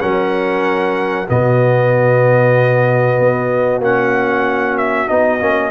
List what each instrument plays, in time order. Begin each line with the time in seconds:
0.00 tuba F#3, trombone C#4, horn A#4, trumpet F#5
1.28 tuba B2, trombone B3, horn F#4, trumpet D#5
3.18 tuba B3
3.78 tuba A#3, trombone C#4, trumpet F#5
4.77 trumpet E5
5.07 tuba B3, trombone D#4, trumpet D#5
5.40 tuba A#3, trombone C#4